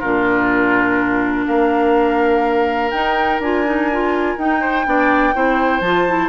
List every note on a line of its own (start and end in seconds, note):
0.00 1.47 A#2
0.00 2.92 D4
0.00 1.45 F4
0.00 1.45 A#4
1.47 2.92 A#3
1.47 4.61 A#4
1.47 2.91 F5
2.91 3.41 D#4
2.91 3.40 D#4
2.91 3.40 G5
3.40 4.36 D4
3.40 3.65 F4
3.40 4.39 G#5
3.65 3.90 D#4
3.92 4.38 F4
4.37 4.86 D#4
4.37 4.85 D#4
4.37 5.81 G5
4.61 4.85 C5
4.85 5.34 B3
4.85 5.33 D4
4.85 5.35 D5
5.34 5.81 C4
5.34 5.82 E4
5.34 6.29 C5
5.81 6.29 F3
5.81 6.08 F4
5.81 6.29 A5
6.08 6.29 E4